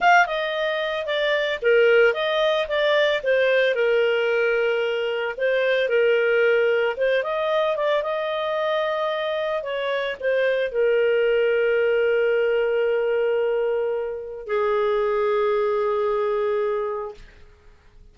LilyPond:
\new Staff \with { instrumentName = "clarinet" } { \time 4/4 \tempo 4 = 112 f''8 dis''4. d''4 ais'4 | dis''4 d''4 c''4 ais'4~ | ais'2 c''4 ais'4~ | ais'4 c''8 dis''4 d''8 dis''4~ |
dis''2 cis''4 c''4 | ais'1~ | ais'2. gis'4~ | gis'1 | }